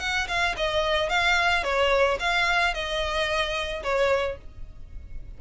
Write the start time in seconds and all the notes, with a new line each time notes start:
0.00 F#5
0.28 F5
0.57 D#5
1.10 F5
1.64 C#5
2.20 F5
2.74 D#5
3.84 C#5